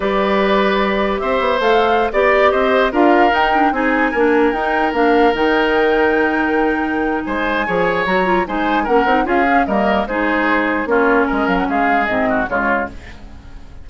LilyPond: <<
  \new Staff \with { instrumentName = "flute" } { \time 4/4 \tempo 4 = 149 d''2. e''4 | f''4~ f''16 d''4 dis''4 f''8.~ | f''16 g''4 gis''2 g''8.~ | g''16 f''4 g''2~ g''8.~ |
g''2 gis''2 | ais''4 gis''4 fis''4 f''4 | dis''4 c''2 cis''4 | dis''8 f''16 fis''16 f''4 dis''4 cis''4 | }
  \new Staff \with { instrumentName = "oboe" } { \time 4/4 b'2. c''4~ | c''4~ c''16 d''4 c''4 ais'8.~ | ais'4~ ais'16 gis'4 ais'4.~ ais'16~ | ais'1~ |
ais'2 c''4 cis''4~ | cis''4 c''4 ais'4 gis'4 | ais'4 gis'2 f'4 | ais'4 gis'4. fis'8 f'4 | }
  \new Staff \with { instrumentName = "clarinet" } { \time 4/4 g'1 | a'4~ a'16 g'2 f'8.~ | f'16 dis'8 d'8 dis'4 d'4 dis'8.~ | dis'16 d'4 dis'2~ dis'8.~ |
dis'2. gis'4 | fis'8 f'8 dis'4 cis'8 dis'8 f'8 cis'8 | ais4 dis'2 cis'4~ | cis'2 c'4 gis4 | }
  \new Staff \with { instrumentName = "bassoon" } { \time 4/4 g2. c'8 b8 | a4~ a16 b4 c'4 d'8.~ | d'16 dis'4 c'4 ais4 dis'8.~ | dis'16 ais4 dis2~ dis8.~ |
dis2 gis4 f4 | fis4 gis4 ais8 c'8 cis'4 | g4 gis2 ais4 | gis8 fis8 gis4 gis,4 cis4 | }
>>